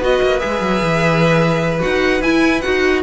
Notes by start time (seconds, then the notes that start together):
0.00 B3 F#4 B4 D#5
0.22 A#3
0.40 G#3 G#4 E5
0.61 F#3
0.82 E3
1.80 D#4 F#4 F#5
2.22 E4 G#5
2.62 D#4 F#4 F#5